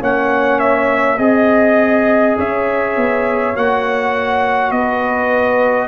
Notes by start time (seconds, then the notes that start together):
0.00 A#3 C#4 C#5 F#5
0.60 E5
1.18 C4 G#4 D#5
2.38 C#4 C#5 E5
2.97 B3
3.55 A#3 F#4 F#5
4.71 B3 B4 D#5